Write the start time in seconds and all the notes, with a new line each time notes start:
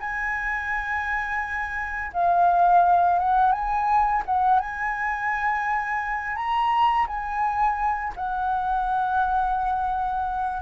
0.00 G#5
2.13 F5
3.19 F#5
3.52 G#5
4.26 F#5
4.60 G#5
6.36 A#5
7.07 G#5
8.16 F#5